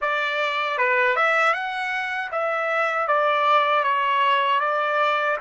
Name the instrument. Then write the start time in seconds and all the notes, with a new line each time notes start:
trumpet
0.01 D5
0.78 B4
1.15 E5
1.53 F#5
2.31 E5
3.07 D5
3.83 C#5
4.59 D5